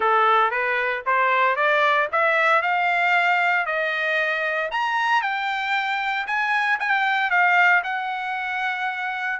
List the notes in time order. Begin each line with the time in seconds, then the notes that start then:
0.00 A4
0.50 B4
1.06 C5
1.55 D5
2.12 E5
2.62 F5
3.65 D#5
4.71 A#5
5.22 G5
6.26 G#5
6.79 G5
7.30 F5
7.83 F#5